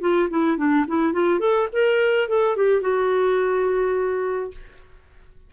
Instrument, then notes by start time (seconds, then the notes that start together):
clarinet
0.00 F4
0.29 E4
0.57 D4
0.87 E4
1.12 F4
1.39 A4
1.72 A#4
2.28 A4
2.56 G4
2.81 F#4